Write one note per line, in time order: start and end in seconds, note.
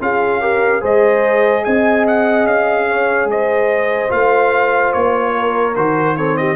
0.00 0.82 C#4
0.00 0.41 F4
0.00 0.41 G#4
0.00 0.83 F5
0.41 0.80 G4
0.41 0.81 A#4
0.80 1.65 G#3
0.80 4.09 G#4
0.80 1.63 C5
0.80 1.64 D#5
1.64 2.44 C4
1.64 2.88 D#5
1.64 2.05 G#5
2.07 2.46 F#5
2.44 3.25 C#4
2.44 3.28 F5
2.89 3.30 C#5
3.25 4.07 G#3
3.25 5.35 C5
3.25 4.11 D#5
4.09 4.94 A3
4.09 5.73 F4
4.09 4.92 F5
4.92 5.76 A#3
4.92 5.75 C#5
5.35 6.17 A#4
5.75 6.56 D#3
5.75 6.17 F#4
5.75 6.16 C5
6.16 6.56 C4
6.16 6.38 A4
6.16 6.36 C#5
6.36 6.56 G4
6.36 6.56 D#5